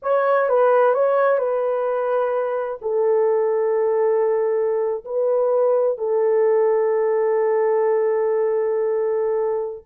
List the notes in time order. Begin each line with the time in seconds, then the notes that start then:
0.02 C#5
0.49 B4
0.94 C#5
1.38 B4
2.81 A4
5.04 B4
5.98 A4